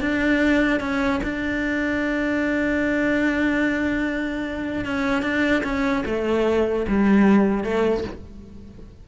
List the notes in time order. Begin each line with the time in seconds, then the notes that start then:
0.00 D4
0.80 C#4
1.23 D4
4.85 C#4
5.22 D4
5.63 C#4
6.05 A3
6.88 G3
7.63 A3